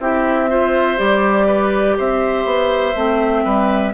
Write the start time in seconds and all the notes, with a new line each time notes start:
0.00 C4 E4 G4 E5
0.50 F4 C5
0.98 G3 G4 D5
1.47 B4
1.98 C4 C5 E5
2.45 B3
2.95 A3 C4
3.45 G3 B4